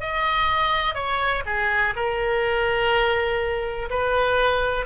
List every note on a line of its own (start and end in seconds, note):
0.00 0.94 D#5
0.94 1.43 C#5
1.46 1.94 G#4
1.95 3.89 A#4
3.90 4.86 B4